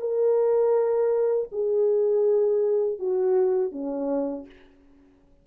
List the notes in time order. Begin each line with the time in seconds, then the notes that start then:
0.00 A#4
1.52 G#4
2.99 F#4
3.71 C#4